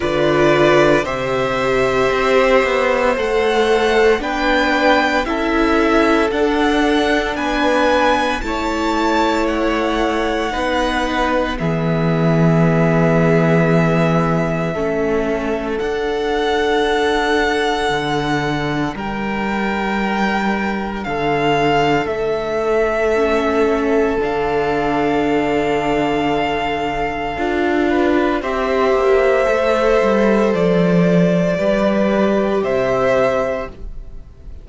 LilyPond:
<<
  \new Staff \with { instrumentName = "violin" } { \time 4/4 \tempo 4 = 57 d''4 e''2 fis''4 | g''4 e''4 fis''4 gis''4 | a''4 fis''2 e''4~ | e''2. fis''4~ |
fis''2 g''2 | f''4 e''2 f''4~ | f''2. e''4~ | e''4 d''2 e''4 | }
  \new Staff \with { instrumentName = "violin" } { \time 4/4 b'4 c''2. | b'4 a'2 b'4 | cis''2 b'4 gis'4~ | gis'2 a'2~ |
a'2 ais'2 | a'1~ | a'2~ a'8 b'8 c''4~ | c''2 b'4 c''4 | }
  \new Staff \with { instrumentName = "viola" } { \time 4/4 f'4 g'2 a'4 | d'4 e'4 d'2 | e'2 dis'4 b4~ | b2 cis'4 d'4~ |
d'1~ | d'2 cis'4 d'4~ | d'2 f'4 g'4 | a'2 g'2 | }
  \new Staff \with { instrumentName = "cello" } { \time 4/4 d4 c4 c'8 b8 a4 | b4 cis'4 d'4 b4 | a2 b4 e4~ | e2 a4 d'4~ |
d'4 d4 g2 | d4 a2 d4~ | d2 d'4 c'8 ais8 | a8 g8 f4 g4 c4 | }
>>